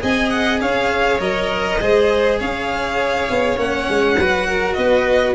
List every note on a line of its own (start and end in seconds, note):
0.00 0.62 C4
0.00 1.19 G#4
0.00 0.61 D#5
0.00 0.30 G#5
0.30 0.60 F#5
0.61 1.20 C#4
0.61 1.80 C#5
0.61 1.21 F5
1.19 1.80 F#3
1.19 1.79 A#4
1.19 2.39 D#5
1.81 2.41 G#3
1.81 3.57 G#4
1.81 2.39 C5
2.39 3.30 C#4
2.39 4.18 C#5
2.39 3.59 F5
3.30 3.58 B3
3.57 3.87 A#3
3.57 4.17 C#4
3.57 4.74 F#5
3.90 4.18 G#3
4.18 4.77 F#3
4.18 5.35 F#4
4.18 4.48 B4
4.48 4.77 A#4
4.74 5.35 B3
4.74 5.35 B4
4.74 5.34 D#5